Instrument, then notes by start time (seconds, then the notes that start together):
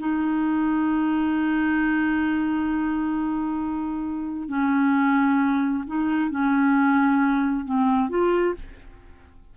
clarinet
0.00 D#4
4.49 C#4
5.87 D#4
6.31 C#4
7.65 C4
8.09 F4